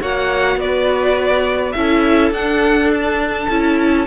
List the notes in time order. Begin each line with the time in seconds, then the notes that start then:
0.00 A#3 F#4 C#5 F#5
0.57 B3 B4 D5
1.73 C#4 E4 A4 E5
2.32 D4 F#5
2.94 A5
3.50 C#4 E4